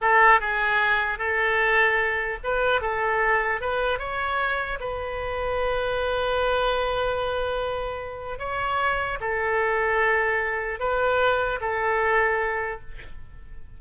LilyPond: \new Staff \with { instrumentName = "oboe" } { \time 4/4 \tempo 4 = 150 a'4 gis'2 a'4~ | a'2 b'4 a'4~ | a'4 b'4 cis''2 | b'1~ |
b'1~ | b'4 cis''2 a'4~ | a'2. b'4~ | b'4 a'2. | }